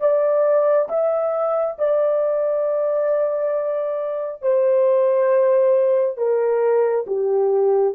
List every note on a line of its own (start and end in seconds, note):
0.00 0.88 D5
0.89 1.77 E5
1.78 4.42 D5
4.42 6.17 C5
6.17 7.05 A#4
7.07 7.95 G4